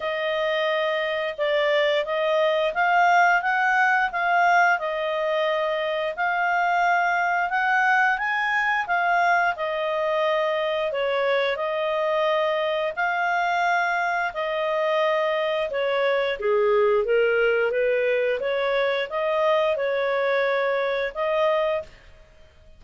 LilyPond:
\new Staff \with { instrumentName = "clarinet" } { \time 4/4 \tempo 4 = 88 dis''2 d''4 dis''4 | f''4 fis''4 f''4 dis''4~ | dis''4 f''2 fis''4 | gis''4 f''4 dis''2 |
cis''4 dis''2 f''4~ | f''4 dis''2 cis''4 | gis'4 ais'4 b'4 cis''4 | dis''4 cis''2 dis''4 | }